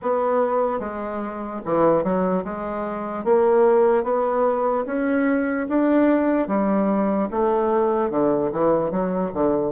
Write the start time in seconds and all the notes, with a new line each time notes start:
0.02 B3
0.79 G#3
1.65 E3
2.03 F#3
2.44 G#3
3.24 A#3
4.03 B3
4.86 C#4
5.69 D4
6.47 G3
7.30 A3
8.10 D3
8.51 E3
8.90 F#3
9.33 D3